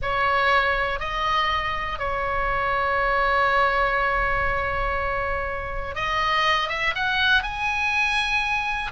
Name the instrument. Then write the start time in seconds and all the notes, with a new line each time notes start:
oboe
0.01 C#5
0.99 D#5
1.98 C#5
5.95 D#5
6.68 E5
6.95 F#5
7.42 G#5